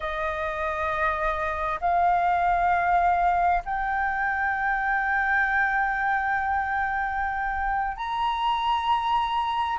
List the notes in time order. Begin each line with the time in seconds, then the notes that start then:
0.00 D#5
1.81 F5
3.65 G5
7.96 A#5